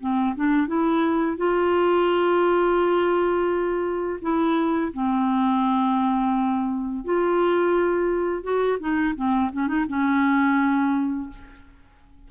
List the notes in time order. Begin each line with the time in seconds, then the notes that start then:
0.00 C4
0.36 D4
0.67 E4
1.37 F4
4.22 E4
4.93 C4
7.05 F4
8.43 F#4
8.80 D#4
9.16 C4
9.53 C#4
9.68 D#4
9.89 C#4